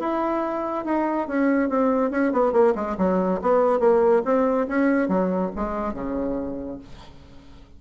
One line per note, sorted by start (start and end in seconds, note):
0.00 0.85 E4
0.85 1.28 D#4
1.28 1.69 C#4
1.69 2.11 C4
2.11 2.33 C#4
2.33 2.53 B3
2.53 2.74 A#3
2.75 2.97 G#3
2.98 3.41 F#3
3.42 3.80 B3
3.80 4.23 A#3
4.25 4.68 C4
4.68 5.09 C#4
5.09 5.51 F#3
5.56 5.94 G#3
5.94 6.79 C#3